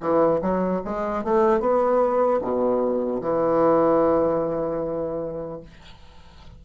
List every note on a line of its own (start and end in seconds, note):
0.00 0.40 E3
0.41 0.81 F#3
0.84 1.24 G#3
1.24 1.60 A3
1.60 2.40 B3
2.41 3.21 B2
3.21 5.61 E3